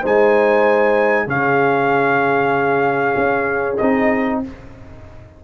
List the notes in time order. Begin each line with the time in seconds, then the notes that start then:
0.00 G#3 D#4 C5
0.06 G#5
1.27 C#3 C#4 G#4 F5
3.17 C#4
3.77 C4 D#4 D#5